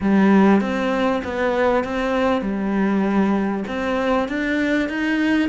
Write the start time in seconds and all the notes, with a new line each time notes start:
0.00 G3
0.60 C4
1.24 B3
1.83 C4
2.41 G3
3.67 C4
4.28 D4
4.88 D#4